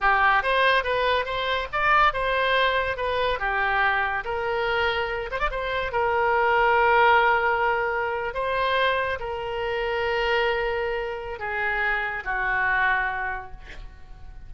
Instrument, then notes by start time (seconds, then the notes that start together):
oboe
0.01 G4
0.42 C5
0.83 B4
1.25 C5
1.72 D5
2.13 C5
2.96 B4
3.39 G4
4.24 A#4
5.31 C5
5.39 D5
5.50 C5
5.92 A#4
8.34 C5
9.19 A#4
11.39 G#4
12.24 F#4